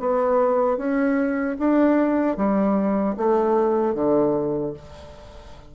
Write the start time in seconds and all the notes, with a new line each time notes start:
0.00 B3
0.78 C#4
1.59 D4
2.37 G3
3.17 A3
3.94 D3